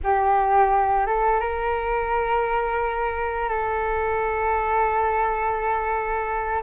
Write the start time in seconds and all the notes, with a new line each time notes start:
0.03 G4
1.06 A4
1.40 A#4
3.49 A4